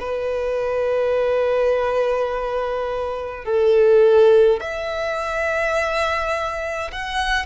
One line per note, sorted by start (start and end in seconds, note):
0.00 3.45 B4
3.45 4.60 A4
4.60 6.91 E5
6.92 7.45 F#5